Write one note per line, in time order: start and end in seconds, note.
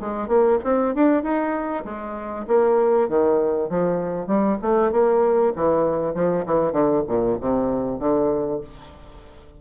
0.00 0.28 G#3
0.28 0.58 A#3
0.63 0.94 C4
0.94 1.23 D4
1.23 1.84 D#4
1.85 2.46 G#3
2.47 3.08 A#3
3.08 3.69 D#3
3.69 4.27 F3
4.27 4.57 G3
4.61 4.91 A3
4.91 5.53 A#3
5.55 6.14 E3
6.14 6.45 F3
6.45 6.72 E3
6.72 7.03 D3
7.07 7.38 A#2
7.40 7.99 C3
7.99 8.60 D3